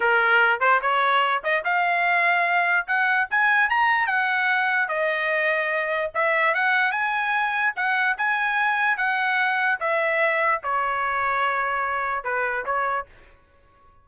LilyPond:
\new Staff \with { instrumentName = "trumpet" } { \time 4/4 \tempo 4 = 147 ais'4. c''8 cis''4. dis''8 | f''2. fis''4 | gis''4 ais''4 fis''2 | dis''2. e''4 |
fis''4 gis''2 fis''4 | gis''2 fis''2 | e''2 cis''2~ | cis''2 b'4 cis''4 | }